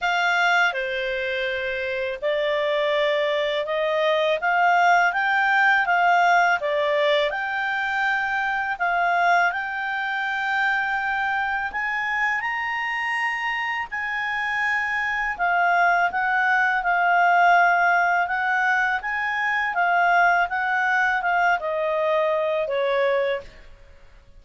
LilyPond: \new Staff \with { instrumentName = "clarinet" } { \time 4/4 \tempo 4 = 82 f''4 c''2 d''4~ | d''4 dis''4 f''4 g''4 | f''4 d''4 g''2 | f''4 g''2. |
gis''4 ais''2 gis''4~ | gis''4 f''4 fis''4 f''4~ | f''4 fis''4 gis''4 f''4 | fis''4 f''8 dis''4. cis''4 | }